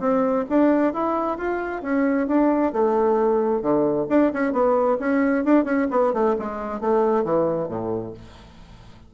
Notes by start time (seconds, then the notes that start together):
0.00 C4
0.50 D4
0.94 E4
1.38 F4
1.82 C#4
2.27 D4
2.73 A3
3.62 D3
4.10 D4
4.33 C#4
4.53 B3
5.00 C#4
5.45 D4
5.65 C#4
5.91 B3
6.14 A3
6.39 G#3
6.81 A3
7.24 E3
7.69 A2